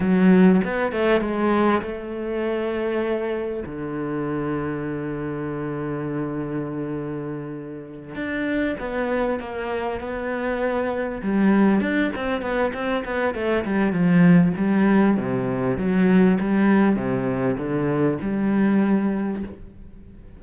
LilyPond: \new Staff \with { instrumentName = "cello" } { \time 4/4 \tempo 4 = 99 fis4 b8 a8 gis4 a4~ | a2 d2~ | d1~ | d4. d'4 b4 ais8~ |
ais8 b2 g4 d'8 | c'8 b8 c'8 b8 a8 g8 f4 | g4 c4 fis4 g4 | c4 d4 g2 | }